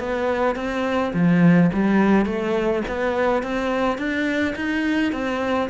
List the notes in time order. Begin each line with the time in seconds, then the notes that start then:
0.00 B3
0.56 C4
1.14 F3
1.73 G3
2.26 A3
2.88 B3
3.43 C4
3.98 D4
4.56 D#4
5.13 C4